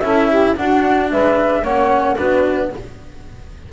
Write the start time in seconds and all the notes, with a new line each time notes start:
0.00 C#4 E4 A4 E5
0.29 G4
0.56 D4 F#4 F#5
1.11 G#3 B4 E5
1.61 A#3 C#4 C#5 F#5
2.16 B3 D4 F#4 B4